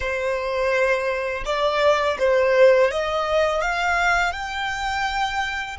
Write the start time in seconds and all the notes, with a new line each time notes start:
0.00 C5
1.45 D5
2.19 C5
2.91 D#5
3.61 F5
4.32 G5